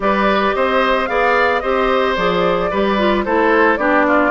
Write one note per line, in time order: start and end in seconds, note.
0.00 0.52 G3
0.00 1.07 G4
0.00 0.55 B4
0.00 0.54 D5
0.54 1.08 C4
0.54 1.09 C5
0.54 1.06 D#5
1.06 1.62 B3
1.06 1.61 G#4
1.06 1.62 D5
1.06 1.60 F5
1.60 2.16 C4
1.60 2.16 G4
1.60 2.70 C5
1.60 2.14 D#5
2.15 2.70 F3
2.15 2.70 G#4
2.15 3.23 D5
2.70 3.25 G3
2.70 2.98 G4
2.70 3.24 B4
2.98 3.25 F4
3.24 3.77 A3
3.24 3.78 E4
3.24 3.79 A4
3.24 3.76 C5
3.76 4.30 B3
3.76 4.30 D4
3.76 4.06 G4
3.76 4.30 D5
4.07 4.30 F4